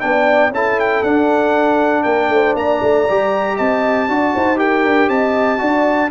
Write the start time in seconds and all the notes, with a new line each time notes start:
0.00 B3 D4 D5 G5
0.50 C#4 E4 A4 A5
0.79 G5
1.03 D4 F#5
2.03 A#3 A#4 G5
2.29 A3 C5
2.55 A#3 D5 A#5
2.82 A3
3.09 G3 G4
3.57 C4 D#5 A5
4.08 D4 F#4 D5
4.34 D#4 C5
4.56 G4 A#4 G5
4.85 D4
5.08 C4 D#5 A5
5.58 D4 F#4 D5